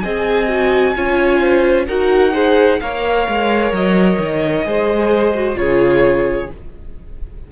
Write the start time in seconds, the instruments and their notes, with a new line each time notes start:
0.00 cello C4, viola G#4, violin D#5 G#5
0.48 viola F#4
0.95 cello C#4, viola F4, violin C#5
1.40 violin C5
1.87 cello D#4, viola F#4, violin A#4 F#5
2.33 viola G#4, violin C5
2.80 cello A#3, viola A#4, violin C#5 F5
3.28 cello G#3
3.72 cello F#3, violin D#5
4.19 cello D#3
4.64 cello G#3, viola G#4, violin C5
5.34 viola F#4
5.55 cello C#3, viola F4, violin G#4 C#5